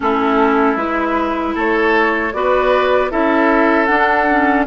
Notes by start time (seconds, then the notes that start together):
0.00 A3 C#4 E4 A4
0.76 G#3 E4 B4
1.54 A3 A4 C#5
2.33 B3 F#4 B4 D5
3.10 C#4 E4 A4 E5
3.85 D4 F#5
4.30 C#4